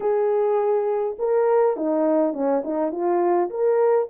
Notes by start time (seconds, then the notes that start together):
0.00 G#4
1.18 A#4
1.76 D#4
2.33 C#4
2.63 D#4
2.91 F4
3.50 A#4